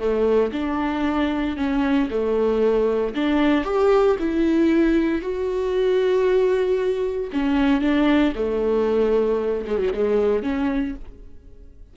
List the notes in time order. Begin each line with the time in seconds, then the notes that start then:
0.00 A3
0.53 D4
1.57 C#4
2.11 A3
3.15 D4
3.65 G4
4.20 E4
5.22 F#4
7.33 C#4
7.81 D4
8.35 A3
9.67 G#3
9.79 F#3
9.95 G#3
10.43 C#4